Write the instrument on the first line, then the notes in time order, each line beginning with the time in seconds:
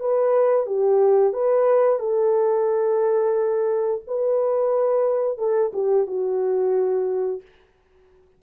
horn
0.00 B4
0.66 G4
1.33 B4
1.99 A4
4.07 B4
5.38 A4
5.73 G4
6.07 F#4